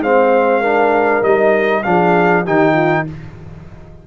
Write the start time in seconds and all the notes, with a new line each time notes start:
0.00 G#3 C4 C5 F5
0.60 D4 A#4
1.22 G3 D#4 D#5
1.83 F3 D4 G#4 F5
2.44 D#3 D#4 G4 G5
2.73 F4